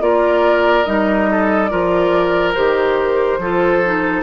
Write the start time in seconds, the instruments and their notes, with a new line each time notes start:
0.00 bassoon A#3, clarinet F4, oboe A#4, flute D5
0.84 bassoon G3, clarinet D#4, flute D#5
1.31 oboe A4
1.67 bassoon F3, clarinet F4, oboe A#4, flute D5
2.54 bassoon D#3, clarinet G4, flute C5
3.38 bassoon F3, clarinet F4, oboe A4
3.84 clarinet D#4